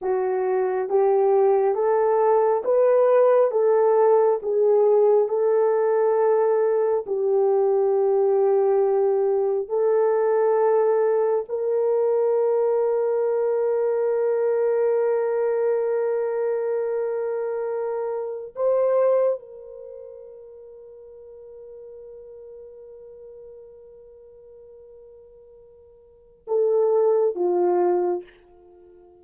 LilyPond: \new Staff \with { instrumentName = "horn" } { \time 4/4 \tempo 4 = 68 fis'4 g'4 a'4 b'4 | a'4 gis'4 a'2 | g'2. a'4~ | a'4 ais'2.~ |
ais'1~ | ais'4 c''4 ais'2~ | ais'1~ | ais'2 a'4 f'4 | }